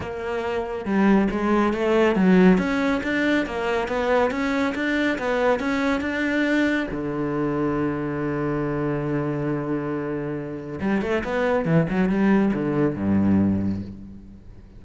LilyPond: \new Staff \with { instrumentName = "cello" } { \time 4/4 \tempo 4 = 139 ais2 g4 gis4 | a4 fis4 cis'4 d'4 | ais4 b4 cis'4 d'4 | b4 cis'4 d'2 |
d1~ | d1~ | d4 g8 a8 b4 e8 fis8 | g4 d4 g,2 | }